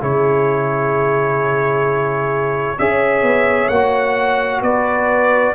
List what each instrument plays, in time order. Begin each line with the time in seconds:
0.00 tuba C#3, trombone E4, horn G#4, trumpet C#5
2.78 tuba C#4, trombone G#4, horn C#5, trumpet E5
3.22 tuba B3
3.69 tuba A#3, trombone F#4, trumpet F#5
4.62 tuba B3, horn B4, trumpet D5